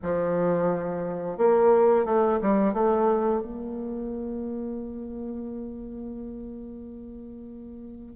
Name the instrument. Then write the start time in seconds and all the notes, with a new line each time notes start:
bassoon
0.02 F3
1.37 A#3
2.05 A3
2.41 G3
2.73 A3
3.41 A#3